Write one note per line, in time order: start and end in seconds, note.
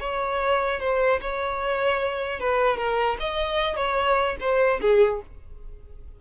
0.00 0.80 C#5
0.80 1.20 C5
1.21 2.39 C#5
2.39 2.77 B4
2.77 3.17 A#4
3.20 3.76 D#5
3.76 4.36 C#5
4.40 4.80 C5
4.81 5.21 G#4